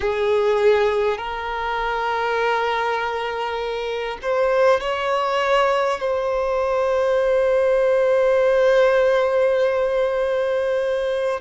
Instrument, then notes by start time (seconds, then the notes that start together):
violin
0.00 G#4
1.17 A#4
4.22 C5
4.80 C#5
6.00 C5